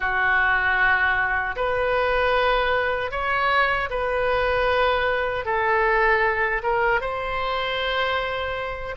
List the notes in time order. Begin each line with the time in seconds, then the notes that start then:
0.00 F#4
1.56 B4
3.11 C#5
3.90 B4
5.45 A4
6.62 A#4
7.00 C5